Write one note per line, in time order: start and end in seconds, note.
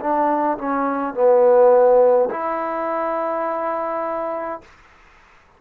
0.00 0.58 D4
0.58 1.14 C#4
1.14 2.30 B3
2.31 4.62 E4